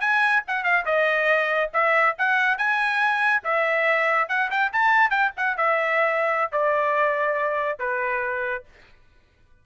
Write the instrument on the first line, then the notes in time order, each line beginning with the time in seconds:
trumpet
0.00 G#5
0.47 F#5
0.64 F5
0.85 D#5
1.73 E5
2.18 F#5
2.57 G#5
3.44 E5
4.28 F#5
4.50 G5
4.72 A5
5.10 G5
5.36 F#5
5.57 E5
6.52 D5
7.79 B4